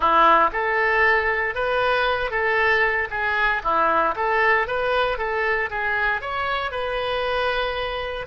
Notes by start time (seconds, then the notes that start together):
0.00 E4
0.52 A4
1.54 B4
2.30 A4
3.10 G#4
3.63 E4
4.15 A4
4.67 B4
5.17 A4
5.70 G#4
6.21 C#5
6.71 B4